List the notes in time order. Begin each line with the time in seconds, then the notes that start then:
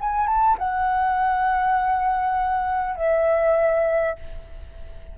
0.00 G#5
0.27 A5
0.58 F#5
2.96 E5